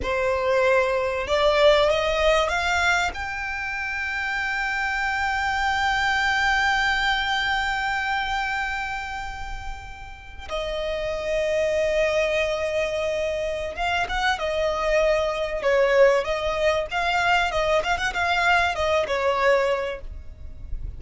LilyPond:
\new Staff \with { instrumentName = "violin" } { \time 4/4 \tempo 4 = 96 c''2 d''4 dis''4 | f''4 g''2.~ | g''1~ | g''1~ |
g''8. dis''2.~ dis''16~ | dis''2 f''8 fis''8 dis''4~ | dis''4 cis''4 dis''4 f''4 | dis''8 f''16 fis''16 f''4 dis''8 cis''4. | }